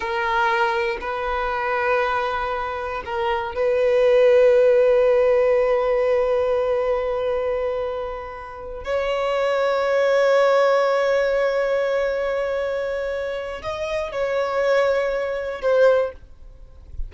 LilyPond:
\new Staff \with { instrumentName = "violin" } { \time 4/4 \tempo 4 = 119 ais'2 b'2~ | b'2 ais'4 b'4~ | b'1~ | b'1~ |
b'4. cis''2~ cis''8~ | cis''1~ | cis''2. dis''4 | cis''2. c''4 | }